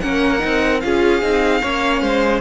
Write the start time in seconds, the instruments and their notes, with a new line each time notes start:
0.00 cello A#3, viola C#4, violin A#4 F#5
0.39 cello C4, viola D#4
0.80 cello C#4, viola F4, violin G#4 F5
1.22 cello C4, viola D#4
1.61 cello A#3, viola C#4, violin C#5
2.01 cello G#3, violin C5